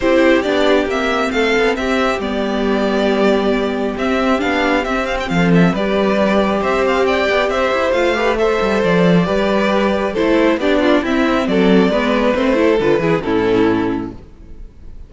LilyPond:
<<
  \new Staff \with { instrumentName = "violin" } { \time 4/4 \tempo 4 = 136 c''4 d''4 e''4 f''4 | e''4 d''2.~ | d''4 e''4 f''4 e''8 f''16 g''16 | f''8 e''8 d''2 e''8 f''8 |
g''4 e''4 f''4 e''4 | d''2. c''4 | d''4 e''4 d''2 | c''4 b'4 a'2 | }
  \new Staff \with { instrumentName = "violin" } { \time 4/4 g'2. a'4 | g'1~ | g'1 | a'4 b'2 c''4 |
d''4 c''4. b'8 c''4~ | c''4 b'2 a'4 | g'8 f'8 e'4 a'4 b'4~ | b'8 a'4 gis'8 e'2 | }
  \new Staff \with { instrumentName = "viola" } { \time 4/4 e'4 d'4 c'2~ | c'4 b2.~ | b4 c'4 d'4 c'4~ | c'4 g'2.~ |
g'2 f'8 g'8 a'4~ | a'4 g'2 e'4 | d'4 c'2 b4 | c'8 e'8 f'8 e'8 cis'2 | }
  \new Staff \with { instrumentName = "cello" } { \time 4/4 c'4 b4 ais4 a8 b8 | c'4 g2.~ | g4 c'4 b4 c'4 | f4 g2 c'4~ |
c'8 b8 c'8 e'8 a4. g8 | f4 g2 a4 | b4 c'4 fis4 gis4 | a4 d8 e8 a,2 | }
>>